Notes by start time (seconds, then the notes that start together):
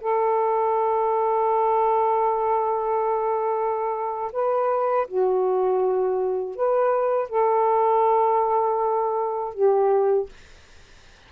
0.00 A4
4.32 B4
5.08 F#4
6.56 B4
7.29 A4
9.54 G4